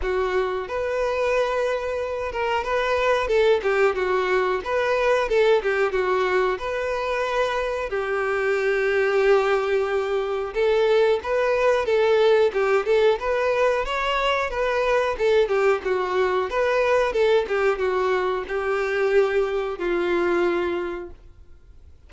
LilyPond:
\new Staff \with { instrumentName = "violin" } { \time 4/4 \tempo 4 = 91 fis'4 b'2~ b'8 ais'8 | b'4 a'8 g'8 fis'4 b'4 | a'8 g'8 fis'4 b'2 | g'1 |
a'4 b'4 a'4 g'8 a'8 | b'4 cis''4 b'4 a'8 g'8 | fis'4 b'4 a'8 g'8 fis'4 | g'2 f'2 | }